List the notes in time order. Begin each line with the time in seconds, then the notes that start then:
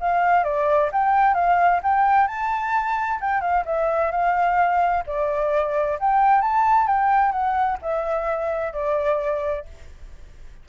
0.00 F5
0.44 D5
0.92 G5
1.34 F5
1.83 G5
2.27 A5
3.21 G5
3.41 F5
3.65 E5
4.11 F5
5.06 D5
5.99 G5
6.41 A5
6.87 G5
7.32 F#5
7.82 E5
8.73 D5